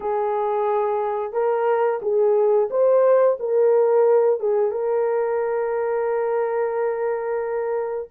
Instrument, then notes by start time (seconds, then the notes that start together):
horn
0.00 G#4
1.32 A#4
2.01 G#4
2.70 C5
3.39 A#4
4.40 G#4
4.71 A#4